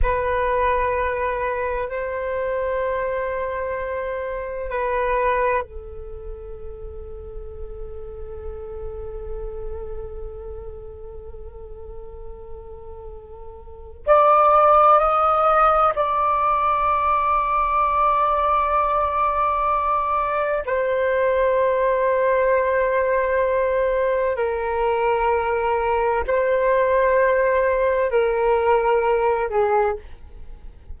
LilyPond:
\new Staff \with { instrumentName = "flute" } { \time 4/4 \tempo 4 = 64 b'2 c''2~ | c''4 b'4 a'2~ | a'1~ | a'2. d''4 |
dis''4 d''2.~ | d''2 c''2~ | c''2 ais'2 | c''2 ais'4. gis'8 | }